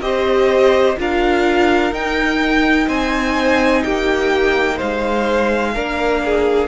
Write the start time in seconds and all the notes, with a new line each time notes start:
0.00 C4 G4 C5 D#5
0.97 D4 F4 A#4 F5
1.92 D#4 G5
2.87 C4 C5 G#5
3.83 A#3 G4 G5
4.75 C5 F5
4.82 G#3
5.74 A#3 D4 A#4
6.24 G#4